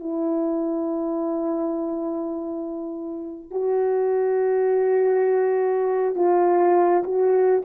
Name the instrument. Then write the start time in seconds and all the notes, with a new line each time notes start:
horn
0.00 E4
3.51 F#4
6.16 F4
7.04 F#4